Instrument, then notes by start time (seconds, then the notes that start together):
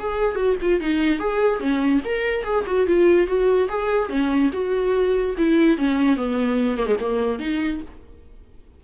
viola
0.00 G#4
0.36 F#4
0.62 F4
0.81 D#4
1.19 G#4
1.60 C#4
2.05 A#4
2.44 G#4
2.67 F#4
2.87 F4
3.28 F#4
3.69 G#4
4.10 C#4
4.53 F#4
5.38 E4
5.78 C#4
6.17 B3
6.78 A#3
6.87 G#3
7.00 A#3
7.40 D#4